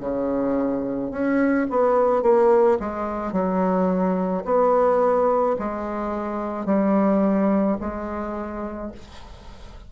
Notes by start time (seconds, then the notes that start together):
0.00 C#3
1.11 C#4
1.70 B3
2.22 A#3
2.80 G#3
3.32 F#3
4.45 B3
5.59 G#3
6.66 G3
7.80 G#3